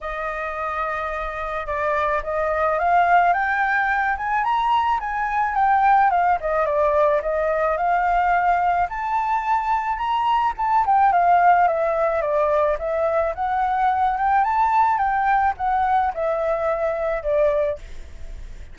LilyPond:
\new Staff \with { instrumentName = "flute" } { \time 4/4 \tempo 4 = 108 dis''2. d''4 | dis''4 f''4 g''4. gis''8 | ais''4 gis''4 g''4 f''8 dis''8 | d''4 dis''4 f''2 |
a''2 ais''4 a''8 g''8 | f''4 e''4 d''4 e''4 | fis''4. g''8 a''4 g''4 | fis''4 e''2 d''4 | }